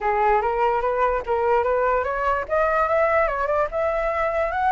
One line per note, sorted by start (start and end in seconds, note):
0.00 0.41 G#4
0.41 0.81 A#4
0.81 1.22 B4
1.25 1.63 A#4
1.63 2.03 B4
2.03 2.45 C#5
2.48 2.88 D#5
2.88 3.27 E5
3.27 3.47 C#5
3.47 3.67 D5
3.71 4.51 E5
4.51 4.72 F#5